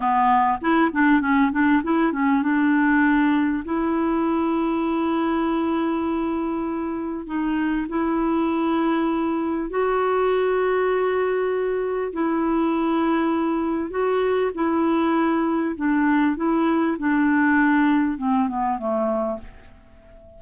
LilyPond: \new Staff \with { instrumentName = "clarinet" } { \time 4/4 \tempo 4 = 99 b4 e'8 d'8 cis'8 d'8 e'8 cis'8 | d'2 e'2~ | e'1 | dis'4 e'2. |
fis'1 | e'2. fis'4 | e'2 d'4 e'4 | d'2 c'8 b8 a4 | }